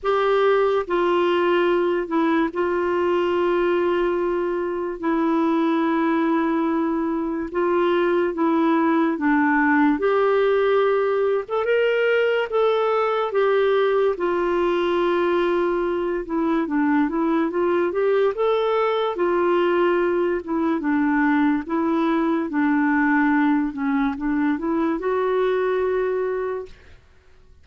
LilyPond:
\new Staff \with { instrumentName = "clarinet" } { \time 4/4 \tempo 4 = 72 g'4 f'4. e'8 f'4~ | f'2 e'2~ | e'4 f'4 e'4 d'4 | g'4.~ g'16 a'16 ais'4 a'4 |
g'4 f'2~ f'8 e'8 | d'8 e'8 f'8 g'8 a'4 f'4~ | f'8 e'8 d'4 e'4 d'4~ | d'8 cis'8 d'8 e'8 fis'2 | }